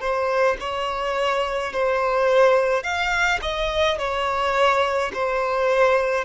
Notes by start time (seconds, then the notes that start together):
0.00 C5
0.60 C#5
1.72 C5
2.83 F5
3.42 D#5
3.98 C#5
5.14 C5